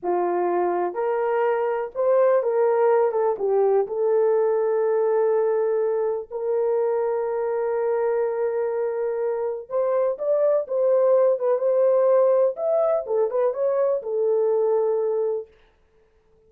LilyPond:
\new Staff \with { instrumentName = "horn" } { \time 4/4 \tempo 4 = 124 f'2 ais'2 | c''4 ais'4. a'8 g'4 | a'1~ | a'4 ais'2.~ |
ais'1 | c''4 d''4 c''4. b'8 | c''2 e''4 a'8 b'8 | cis''4 a'2. | }